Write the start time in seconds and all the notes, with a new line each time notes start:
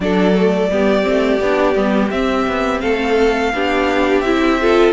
0.00 F#3 D4 A4 D5
0.34 A3
0.70 G3 B3 G4
1.02 C4
1.09 A3
1.40 B3 D4
1.75 G3 B3
2.10 C4 E5
2.47 B3
2.80 A3 A4 F5
3.53 B3 D4 G4
4.21 C4 E4 E5
4.61 F4 A4